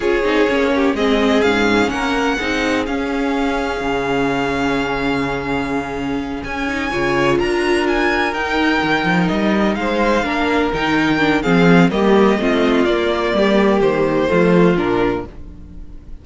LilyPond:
<<
  \new Staff \with { instrumentName = "violin" } { \time 4/4 \tempo 4 = 126 cis''2 dis''4 f''4 | fis''2 f''2~ | f''1~ | f''4. gis''2 ais''8~ |
ais''8 gis''4 g''2 dis''8~ | dis''8 f''2 g''4. | f''4 dis''2 d''4~ | d''4 c''2 ais'4 | }
  \new Staff \with { instrumentName = "violin" } { \time 4/4 gis'4. g'8 gis'2 | ais'4 gis'2.~ | gis'1~ | gis'2~ gis'8 cis''4 ais'8~ |
ais'1~ | ais'8 c''4 ais'2~ ais'8 | gis'4 g'4 f'2 | g'2 f'2 | }
  \new Staff \with { instrumentName = "viola" } { \time 4/4 f'8 dis'8 cis'4 c'4 cis'4~ | cis'4 dis'4 cis'2~ | cis'1~ | cis'2 dis'8 f'4.~ |
f'4. dis'2~ dis'8~ | dis'4. d'4 dis'4 d'8 | c'4 ais4 c'4 ais4~ | ais2 a4 d'4 | }
  \new Staff \with { instrumentName = "cello" } { \time 4/4 cis'8 c'8 ais4 gis4 gis,4 | ais4 c'4 cis'2 | cis1~ | cis4. cis'4 cis4 d'8~ |
d'4. dis'4 dis8 f8 g8~ | g8 gis4 ais4 dis4. | f4 g4 a4 ais4 | g4 dis4 f4 ais,4 | }
>>